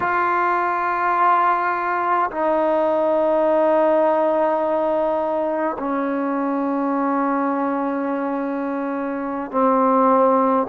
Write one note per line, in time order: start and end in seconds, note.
0.00 2.30 F4
2.30 5.76 D#4
5.78 9.51 C#4
9.51 10.66 C4